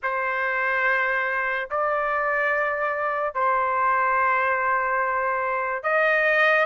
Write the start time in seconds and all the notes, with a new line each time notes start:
0.02 C5
1.70 D5
3.34 C5
5.83 D#5